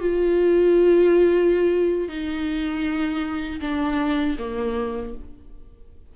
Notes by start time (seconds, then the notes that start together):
0.00 F4
2.08 D#4
3.61 D4
4.38 A#3